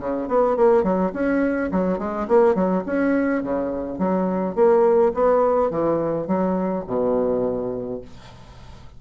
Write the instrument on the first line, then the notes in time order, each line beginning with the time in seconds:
bassoon
0.00 C#3
0.29 B3
0.57 A#3
0.84 F#3
1.14 C#4
1.72 F#3
1.99 G#3
2.29 A#3
2.55 F#3
2.86 C#4
3.43 C#3
3.99 F#3
4.56 A#3
5.15 B3
5.71 E3
6.28 F#3
6.88 B2